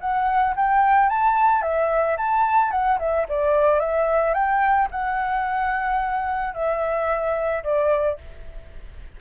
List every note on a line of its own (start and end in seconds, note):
0.00 0.55 F#5
0.56 1.09 G5
1.09 1.62 A5
1.62 2.16 E5
2.17 2.71 A5
2.71 2.98 F#5
2.99 3.26 E5
3.29 3.80 D5
3.80 4.34 E5
4.34 4.88 G5
4.91 6.54 F#5
6.54 7.63 E5
7.63 8.18 D5